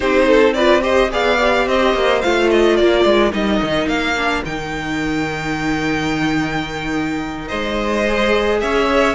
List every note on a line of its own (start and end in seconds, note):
0.00 1.12 C4
0.00 0.56 D#4
0.00 0.27 G4
0.00 0.53 C5
0.27 0.54 A4
0.53 0.81 F4
0.53 0.82 B4
0.53 0.81 D5
0.81 1.09 G4
0.81 1.10 C5
0.81 1.11 D#5
1.10 1.66 B3
1.10 1.38 G#4
1.10 1.67 D5
1.10 1.68 F5
1.40 2.23 G4
1.66 1.94 C4
1.66 2.78 C5
1.66 2.21 D#5
1.94 2.22 A#3
2.21 2.79 A3
2.21 3.30 F4
2.21 2.49 F5
2.50 2.76 D#5
2.76 3.04 A#3
2.76 7.48 A#4
2.76 3.31 D5
3.04 3.32 G#3
3.30 3.61 G3
3.30 4.14 D#4
3.30 3.88 D#5
3.62 3.86 D#3
3.86 4.42 A#3
3.86 4.43 F5
4.17 4.45 D4
4.45 7.51 D#3
4.45 8.06 D#4
4.45 7.48 G5
7.48 8.62 G#3
7.48 8.59 C5
7.48 8.59 D#5
8.06 9.15 G#4
8.60 9.15 C#4
8.60 9.15 C#5
8.60 9.15 E5